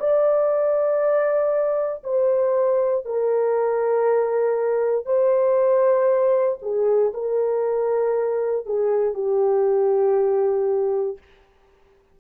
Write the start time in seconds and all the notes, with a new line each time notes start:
0.00 D5
2.04 C5
3.06 A#4
5.06 C5
6.62 G#4
7.14 A#4
8.67 G#4
9.15 G4